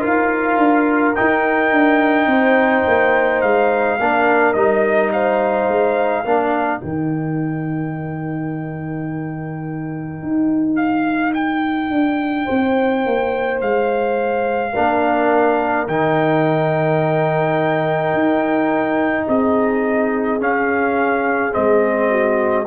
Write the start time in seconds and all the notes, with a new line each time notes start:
0.00 D#4 F4 A#4 F5
0.57 D4
1.16 D#4 G5
1.72 D4
2.27 C4 C5
2.88 A#3
3.42 G#3 F5
4.00 A#3 D4 A#4
4.54 G3 D#4 D#5
5.12 C5 F5
5.69 G#3
6.25 A#3 D4 A#4
6.80 D#3 D#4 G5
10.23 D#4
10.76 F5
11.34 G5
11.91 D4
12.46 C4 C5
13.06 A#3
13.62 G#3 F5
14.74 A#3 D4 A#4
15.88 D#3 D#4 G5
18.14 D#4
19.27 C4 G#4 D#5
20.41 C#4 F5
21.52 G#3 C4 D#5
22.10 F#4